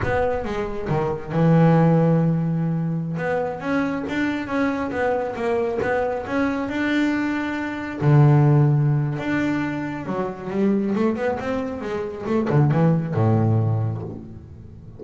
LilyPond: \new Staff \with { instrumentName = "double bass" } { \time 4/4 \tempo 4 = 137 b4 gis4 dis4 e4~ | e2.~ e16 b8.~ | b16 cis'4 d'4 cis'4 b8.~ | b16 ais4 b4 cis'4 d'8.~ |
d'2~ d'16 d4.~ d16~ | d4 d'2 fis4 | g4 a8 b8 c'4 gis4 | a8 d8 e4 a,2 | }